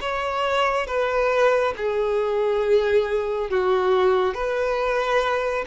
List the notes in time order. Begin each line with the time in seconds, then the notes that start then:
0.00 C#5
0.87 B4
1.77 G#4
3.50 F#4
4.34 B4